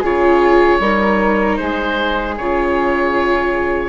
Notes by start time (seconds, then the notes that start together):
0.00 C#3 F4 G#4 C#5
0.79 G3 D#4 A#4
1.57 G#3 G#4 C5
2.38 C#3 F4 C#5